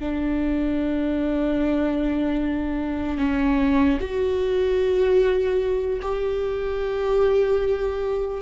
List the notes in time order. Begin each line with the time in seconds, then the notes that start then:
0.00 D4
3.18 C#4
4.01 F#4
6.02 G4